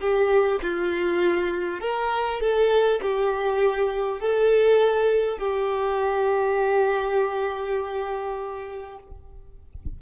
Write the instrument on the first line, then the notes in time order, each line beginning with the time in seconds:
violin
0.00 G4
0.62 F4
1.81 A#4
2.41 A4
3.02 G4
4.20 A4
5.38 G4